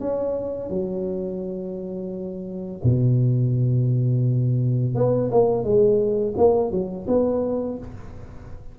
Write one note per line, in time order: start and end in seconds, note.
0.00 0.69 C#4
0.69 2.81 F#3
2.84 4.95 B2
4.95 5.30 B3
5.31 5.63 A#3
5.63 6.34 G#3
6.37 6.71 A#3
6.71 7.07 F#3
7.07 7.78 B3